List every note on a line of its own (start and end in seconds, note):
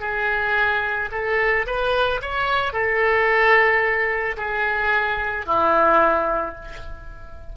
0.00 1.09 G#4
1.11 1.66 A4
1.66 2.21 B4
2.21 2.73 C#5
2.73 4.36 A4
4.37 5.46 G#4
5.46 6.55 E4